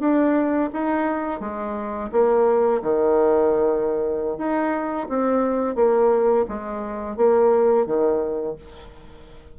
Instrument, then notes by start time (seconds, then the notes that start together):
bassoon
0.00 D4
0.73 D#4
1.40 G#3
2.12 A#3
2.82 D#3
4.38 D#4
5.09 C4
5.76 A#3
6.48 G#3
7.17 A#3
7.86 D#3